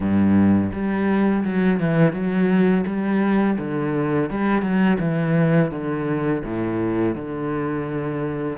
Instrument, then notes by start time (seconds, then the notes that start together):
cello
0.00 G2
0.72 G3
1.44 F#3
1.80 E3
2.12 F#3
2.86 G3
3.58 D3
4.30 G3
4.61 F#3
4.99 E3
5.71 D3
6.44 A2
7.15 D3